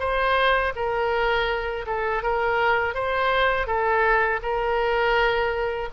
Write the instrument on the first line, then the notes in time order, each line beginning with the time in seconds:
oboe
0.00 C5
0.76 A#4
1.87 A4
2.23 A#4
2.95 C5
3.67 A4
4.43 A#4